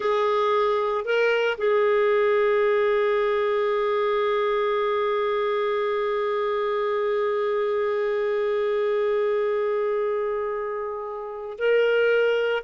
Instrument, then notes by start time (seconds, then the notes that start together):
clarinet
0.00 G#4
1.04 A#4
1.57 G#4
11.58 A#4